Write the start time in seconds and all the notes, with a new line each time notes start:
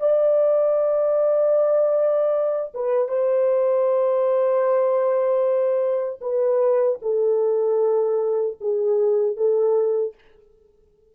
0.00 D5
2.74 B4
3.08 C5
6.21 B4
7.02 A4
8.61 G#4
9.37 A4